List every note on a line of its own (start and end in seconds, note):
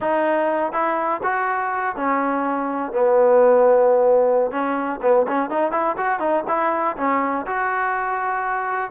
0.00 0.72 D#4
0.72 1.21 E4
1.23 1.96 F#4
1.96 2.92 C#4
2.92 4.51 B3
4.51 5.00 C#4
5.02 5.26 B3
5.27 5.50 C#4
5.50 5.71 D#4
5.71 5.95 E4
5.97 6.19 F#4
6.19 6.44 D#4
6.47 6.96 E4
6.97 7.45 C#4
7.46 8.91 F#4